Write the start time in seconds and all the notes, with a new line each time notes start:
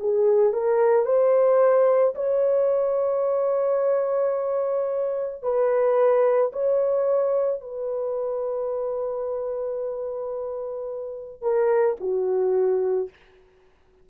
0.00 G#4
0.53 A#4
1.05 C5
2.15 C#5
5.42 B4
6.53 C#5
7.61 B4
11.41 A#4
12.00 F#4